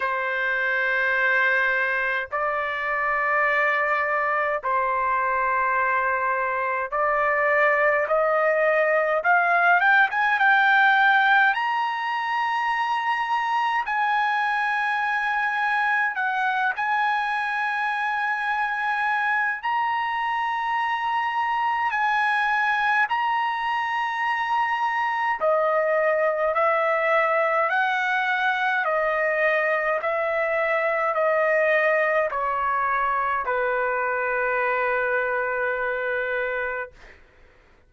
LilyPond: \new Staff \with { instrumentName = "trumpet" } { \time 4/4 \tempo 4 = 52 c''2 d''2 | c''2 d''4 dis''4 | f''8 g''16 gis''16 g''4 ais''2 | gis''2 fis''8 gis''4.~ |
gis''4 ais''2 gis''4 | ais''2 dis''4 e''4 | fis''4 dis''4 e''4 dis''4 | cis''4 b'2. | }